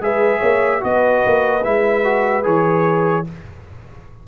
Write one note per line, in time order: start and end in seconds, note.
0.00 0.41 G#3
0.00 0.80 G#4
0.00 0.39 B4
0.00 0.83 E5
0.39 0.82 A#3
0.39 0.79 C#5
0.80 1.24 B3
0.80 1.61 F#4
0.80 3.27 B4
0.80 1.64 D#5
1.26 1.65 A#3
1.63 2.45 G#3
1.63 2.04 E4
1.63 2.45 E5
2.04 2.43 F#4
2.43 3.26 E3
2.43 3.24 G#4
2.43 3.26 C#5